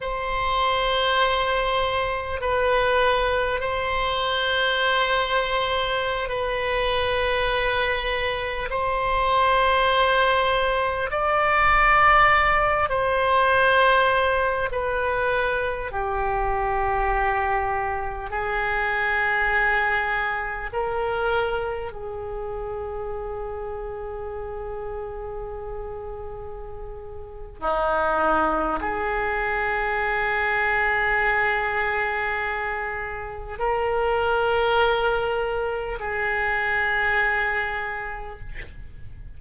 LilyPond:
\new Staff \with { instrumentName = "oboe" } { \time 4/4 \tempo 4 = 50 c''2 b'4 c''4~ | c''4~ c''16 b'2 c''8.~ | c''4~ c''16 d''4. c''4~ c''16~ | c''16 b'4 g'2 gis'8.~ |
gis'4~ gis'16 ais'4 gis'4.~ gis'16~ | gis'2. dis'4 | gis'1 | ais'2 gis'2 | }